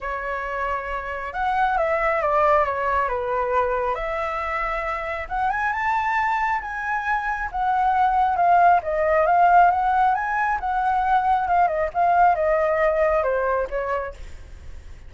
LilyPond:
\new Staff \with { instrumentName = "flute" } { \time 4/4 \tempo 4 = 136 cis''2. fis''4 | e''4 d''4 cis''4 b'4~ | b'4 e''2. | fis''8 gis''8 a''2 gis''4~ |
gis''4 fis''2 f''4 | dis''4 f''4 fis''4 gis''4 | fis''2 f''8 dis''8 f''4 | dis''2 c''4 cis''4 | }